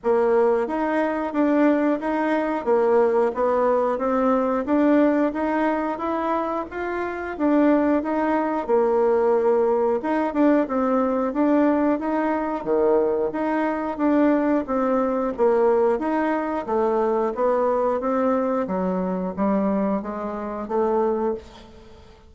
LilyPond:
\new Staff \with { instrumentName = "bassoon" } { \time 4/4 \tempo 4 = 90 ais4 dis'4 d'4 dis'4 | ais4 b4 c'4 d'4 | dis'4 e'4 f'4 d'4 | dis'4 ais2 dis'8 d'8 |
c'4 d'4 dis'4 dis4 | dis'4 d'4 c'4 ais4 | dis'4 a4 b4 c'4 | fis4 g4 gis4 a4 | }